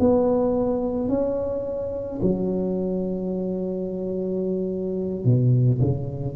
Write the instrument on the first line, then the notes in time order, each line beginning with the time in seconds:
tuba
0.00 B3
1.09 C#4
2.22 F#3
5.25 B2
5.81 C#3